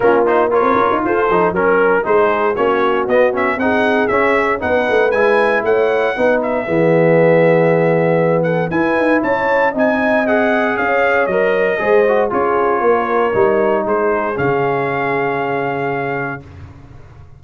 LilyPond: <<
  \new Staff \with { instrumentName = "trumpet" } { \time 4/4 \tempo 4 = 117 ais'8 c''8 cis''4 c''4 ais'4 | c''4 cis''4 dis''8 e''8 fis''4 | e''4 fis''4 gis''4 fis''4~ | fis''8 e''2.~ e''8~ |
e''8 fis''8 gis''4 a''4 gis''4 | fis''4 f''4 dis''2 | cis''2. c''4 | f''1 | }
  \new Staff \with { instrumentName = "horn" } { \time 4/4 f'4 ais'4 a'4 ais'4 | gis'4 fis'2 gis'4~ | gis'4 b'2 cis''4 | b'4 gis'2.~ |
gis'8 a'8 b'4 cis''4 dis''4~ | dis''4 cis''2 c''4 | gis'4 ais'2 gis'4~ | gis'1 | }
  \new Staff \with { instrumentName = "trombone" } { \time 4/4 cis'8 dis'8 f'4. dis'8 cis'4 | dis'4 cis'4 b8 cis'8 dis'4 | cis'4 dis'4 e'2 | dis'4 b2.~ |
b4 e'2 dis'4 | gis'2 ais'4 gis'8 fis'8 | f'2 dis'2 | cis'1 | }
  \new Staff \with { instrumentName = "tuba" } { \time 4/4 ais4~ ais16 c'16 cis'16 dis'16 f'8 f8 fis4 | gis4 ais4 b4 c'4 | cis'4 b8 a8 gis4 a4 | b4 e2.~ |
e4 e'8 dis'8 cis'4 c'4~ | c'4 cis'4 fis4 gis4 | cis'4 ais4 g4 gis4 | cis1 | }
>>